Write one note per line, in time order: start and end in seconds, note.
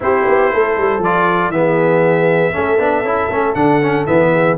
0.00 0.26 C4
0.00 1.01 E4
0.00 0.52 G4
0.00 1.03 C5
0.27 0.52 B3
0.52 0.77 A3
0.52 1.54 A4
0.77 0.98 G3
0.98 1.48 F3
0.98 1.53 F4
0.98 1.51 D5
1.48 2.50 E3
1.48 2.52 B3
1.48 3.54 E5
1.55 2.53 G#4
2.52 2.79 A3
2.52 2.78 C#4
2.52 4.31 A4
2.78 3.02 B3
2.78 3.04 D4
3.02 3.28 C#4
3.02 3.30 E4
3.29 3.54 A3
3.29 3.55 C#4
3.54 4.06 D3
3.54 3.81 D4
3.54 4.05 F#5
3.82 4.06 C#4
4.06 4.57 E3
4.06 4.57 B3
4.06 4.57 E5
4.32 4.57 G#4